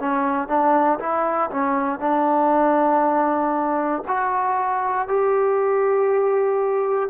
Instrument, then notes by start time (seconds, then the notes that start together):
trombone
0.00 C#4
0.48 D4
0.99 E4
1.51 C#4
2.00 D4
4.08 F#4
5.08 G4